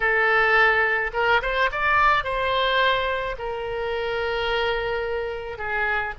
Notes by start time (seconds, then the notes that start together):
0.00 A4
1.13 A#4
1.41 C5
1.71 D5
2.24 C5
3.38 A#4
5.58 G#4